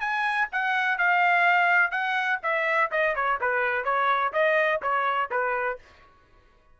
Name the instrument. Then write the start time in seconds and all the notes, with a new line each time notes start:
trumpet
0.00 G#5
0.52 F#5
0.98 F5
1.91 F#5
2.43 E5
2.91 D#5
3.15 C#5
3.41 B4
3.84 C#5
4.33 D#5
4.82 C#5
5.31 B4